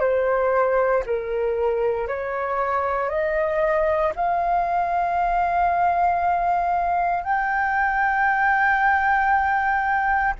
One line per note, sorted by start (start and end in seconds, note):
0.00 1.03 C5
1.06 2.08 A#4
2.08 3.09 C#5
3.09 4.13 D#5
4.16 7.24 F5
7.24 10.34 G5